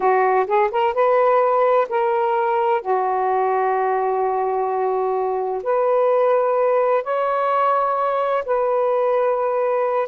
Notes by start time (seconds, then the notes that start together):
0.00 F#4
0.46 G#4
0.71 A#4
0.94 B4
1.89 A#4
2.81 F#4
5.63 B4
7.03 C#5
8.45 B4